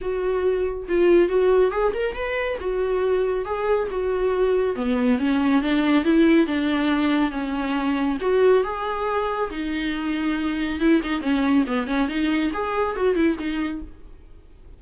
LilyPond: \new Staff \with { instrumentName = "viola" } { \time 4/4 \tempo 4 = 139 fis'2 f'4 fis'4 | gis'8 ais'8 b'4 fis'2 | gis'4 fis'2 b4 | cis'4 d'4 e'4 d'4~ |
d'4 cis'2 fis'4 | gis'2 dis'2~ | dis'4 e'8 dis'8 cis'4 b8 cis'8 | dis'4 gis'4 fis'8 e'8 dis'4 | }